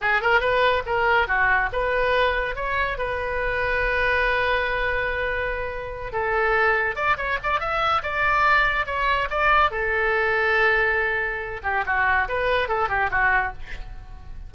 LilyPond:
\new Staff \with { instrumentName = "oboe" } { \time 4/4 \tempo 4 = 142 gis'8 ais'8 b'4 ais'4 fis'4 | b'2 cis''4 b'4~ | b'1~ | b'2~ b'8 a'4.~ |
a'8 d''8 cis''8 d''8 e''4 d''4~ | d''4 cis''4 d''4 a'4~ | a'2.~ a'8 g'8 | fis'4 b'4 a'8 g'8 fis'4 | }